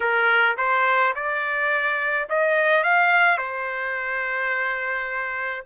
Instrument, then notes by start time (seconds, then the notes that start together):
trumpet
0.00 A#4
0.57 C5
1.15 D5
2.29 D#5
2.83 F5
3.37 C5